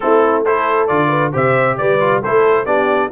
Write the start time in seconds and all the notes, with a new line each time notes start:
0.00 A3 C4 E4 A4
0.43 E4 A4 C5
0.87 D3 F4 D5
1.07 B4
1.32 C3 G4 C5 E5
1.77 G3 B4 D5
2.00 F4
2.21 A3 E4 A4 C5
2.65 B3 D4 G4 D5